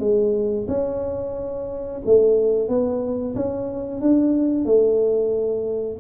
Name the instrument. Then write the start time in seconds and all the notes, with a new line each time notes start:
tuba
0.00 G#3
0.68 C#4
2.06 A3
2.69 B3
3.36 C#4
4.02 D4
4.65 A3